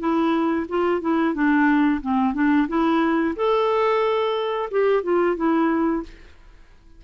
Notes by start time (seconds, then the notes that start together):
0.00 E4
0.69 F4
1.02 E4
1.35 D4
2.02 C4
2.35 D4
2.68 E4
3.36 A4
4.71 G4
5.04 F4
5.37 E4